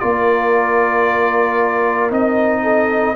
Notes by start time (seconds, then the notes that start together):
0.00 A#3 F4 A#4 D5
2.10 C4 D#4 D#5
2.62 A4